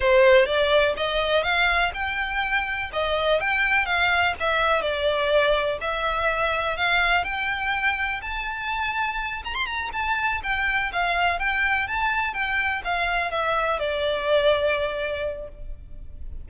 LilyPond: \new Staff \with { instrumentName = "violin" } { \time 4/4 \tempo 4 = 124 c''4 d''4 dis''4 f''4 | g''2 dis''4 g''4 | f''4 e''4 d''2 | e''2 f''4 g''4~ |
g''4 a''2~ a''8 ais''16 c'''16 | ais''8 a''4 g''4 f''4 g''8~ | g''8 a''4 g''4 f''4 e''8~ | e''8 d''2.~ d''8 | }